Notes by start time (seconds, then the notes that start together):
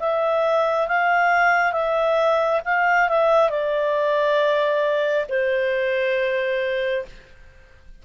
0.00 E5
0.88 F5
1.73 E5
2.66 F5
3.09 E5
3.50 D5
5.29 C5